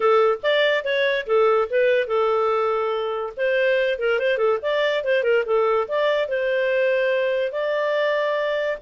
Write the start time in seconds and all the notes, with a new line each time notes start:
0.00 A4
0.43 D5
0.84 C#5
1.26 A4
1.70 B4
2.07 A4
3.36 C5
3.98 A#4
4.19 C5
4.37 A4
4.62 D5
5.04 C5
5.23 A#4
5.45 A4
5.88 D5
6.28 C5
7.52 D5